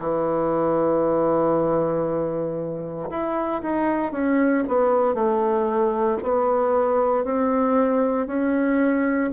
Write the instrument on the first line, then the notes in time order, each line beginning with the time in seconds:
bassoon
0.00 E3
3.10 E4
3.63 D#4
4.12 C#4
4.68 B3
5.15 A3
6.23 B3
7.25 C4
8.28 C#4